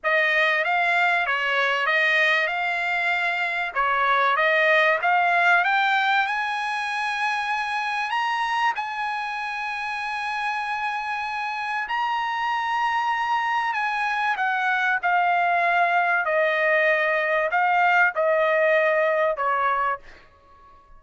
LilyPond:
\new Staff \with { instrumentName = "trumpet" } { \time 4/4 \tempo 4 = 96 dis''4 f''4 cis''4 dis''4 | f''2 cis''4 dis''4 | f''4 g''4 gis''2~ | gis''4 ais''4 gis''2~ |
gis''2. ais''4~ | ais''2 gis''4 fis''4 | f''2 dis''2 | f''4 dis''2 cis''4 | }